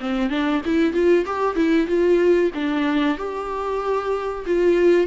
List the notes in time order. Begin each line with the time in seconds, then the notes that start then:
0.00 C4
0.30 D4
0.66 E4
0.93 F4
1.26 G4
1.56 E4
1.87 F4
2.54 D4
3.18 G4
4.46 F4